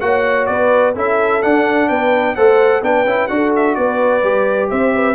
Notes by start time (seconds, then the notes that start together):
0.00 A#3 F#4 C#5 F#5
0.46 B3 B4 D5
0.94 C#4 E4 A4 E5
1.42 D4 F#5
1.88 B3 B4 G5
2.35 A3 A4 C5 F#5
2.82 B3 D4 B4 G5
3.05 C#4 E4
3.27 D4 F#4 F#5
3.34 A4
3.55 E5
3.75 B3 B4 D5
4.22 G3 G4
4.70 C4 C5 E5
4.95 B4